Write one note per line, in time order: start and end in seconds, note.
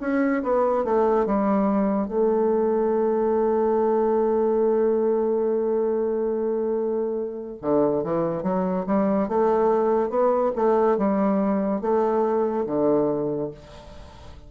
0.00 0.42 C#4
0.43 0.84 B3
0.84 1.26 A3
1.26 2.08 G3
2.08 7.57 A3
7.61 8.03 D3
8.03 8.42 E3
8.42 8.85 F#3
8.86 9.28 G3
9.28 10.09 A3
10.09 10.51 B3
10.55 10.97 A3
10.97 11.81 G3
11.81 12.65 A3
12.66 13.50 D3